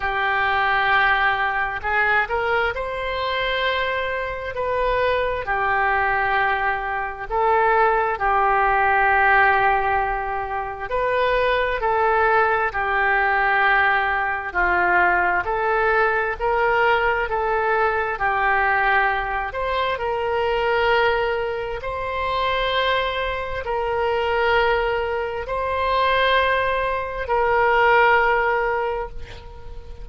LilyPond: \new Staff \with { instrumentName = "oboe" } { \time 4/4 \tempo 4 = 66 g'2 gis'8 ais'8 c''4~ | c''4 b'4 g'2 | a'4 g'2. | b'4 a'4 g'2 |
f'4 a'4 ais'4 a'4 | g'4. c''8 ais'2 | c''2 ais'2 | c''2 ais'2 | }